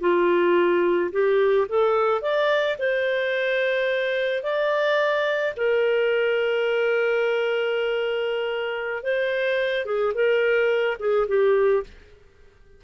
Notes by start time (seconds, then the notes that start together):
0.00 F4
1.12 G4
1.68 A4
2.21 D5
2.79 C5
4.43 D5
5.57 A#4
9.03 C5
9.85 G#4
10.14 A#4
10.99 G#4
11.28 G4